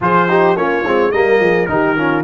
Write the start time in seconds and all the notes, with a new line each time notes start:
0.00 F3 F4 G#4 C5
0.29 D#4 G4
0.55 A#3 C#4 F4 C#5
0.84 G#3 C4
1.11 G3 A#3 A#4 D#5
1.40 F3 G#4
1.66 D#3 D#4 G4 A#4
1.96 C#4 F4